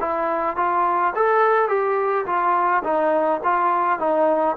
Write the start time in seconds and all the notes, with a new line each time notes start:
0.00 E4
0.56 F4
1.15 A4
1.69 G4
2.26 F4
2.84 D#4
3.44 F4
3.99 D#4